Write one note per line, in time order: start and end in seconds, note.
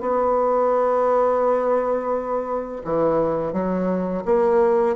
0.00 2.82 B3
2.84 3.53 E3
3.53 4.23 F#3
4.25 4.96 A#3